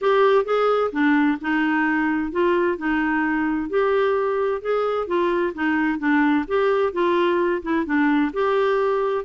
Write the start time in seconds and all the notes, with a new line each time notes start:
0.01 G4
0.44 G#4
0.91 D4
1.41 D#4
2.31 F4
2.77 D#4
3.69 G4
4.61 G#4
5.07 F4
5.54 D#4
5.99 D4
6.47 G4
6.93 F4
7.62 E4
7.85 D4
8.33 G4